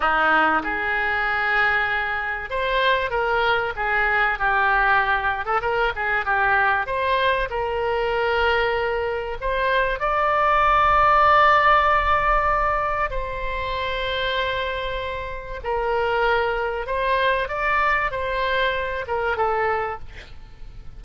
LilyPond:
\new Staff \with { instrumentName = "oboe" } { \time 4/4 \tempo 4 = 96 dis'4 gis'2. | c''4 ais'4 gis'4 g'4~ | g'8. a'16 ais'8 gis'8 g'4 c''4 | ais'2. c''4 |
d''1~ | d''4 c''2.~ | c''4 ais'2 c''4 | d''4 c''4. ais'8 a'4 | }